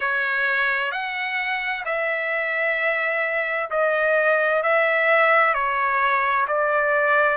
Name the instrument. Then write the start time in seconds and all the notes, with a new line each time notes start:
trumpet
0.00 C#5
0.91 F#5
1.85 E5
3.70 D#5
4.62 E5
5.54 C#5
6.47 D5